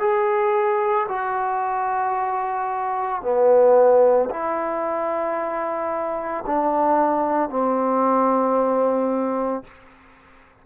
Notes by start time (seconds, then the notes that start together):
0.00 G#4
1.09 F#4
3.22 B3
4.30 E4
6.47 D4
7.50 C4